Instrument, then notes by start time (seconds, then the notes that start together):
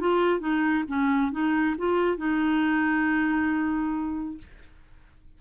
clarinet
0.00 F4
0.40 D#4
0.88 C#4
1.31 D#4
1.77 F4
2.17 D#4